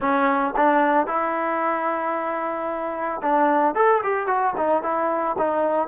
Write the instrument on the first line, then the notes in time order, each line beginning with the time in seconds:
trombone
0.00 C#4
0.56 D4
1.07 E4
3.22 D4
3.75 A4
4.03 G4
4.27 F#4
4.57 D#4
4.82 E4
5.37 D#4